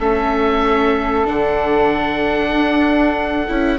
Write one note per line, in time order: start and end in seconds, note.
0.00 1.26 A3
0.00 1.26 C#4
0.00 3.79 A4
0.00 1.27 E5
1.26 2.53 D3
1.26 3.47 D4
1.26 3.79 F#5
2.53 3.48 D4
3.49 3.79 C#4
3.49 3.79 E4